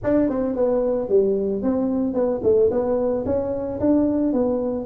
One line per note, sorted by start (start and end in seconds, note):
0.03 0.29 D4
0.29 0.55 C4
0.55 1.08 B3
1.08 1.62 G3
1.62 2.14 C4
2.14 2.41 B3
2.43 2.70 A3
2.70 3.24 B3
3.25 3.79 C#4
3.80 4.32 D4
4.32 4.85 B3